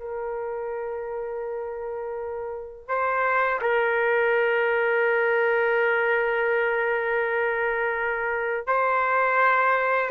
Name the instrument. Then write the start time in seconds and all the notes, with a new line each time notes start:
trumpet
0.00 A#4
2.88 C5
3.62 A#4
8.67 C5